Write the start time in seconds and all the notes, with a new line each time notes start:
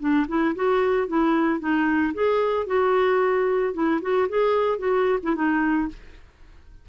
0.00 D4
0.28 E4
0.56 F#4
1.08 E4
1.60 D#4
2.14 G#4
2.67 F#4
3.74 E4
4.02 F#4
4.29 G#4
4.79 F#4
5.23 E4
5.35 D#4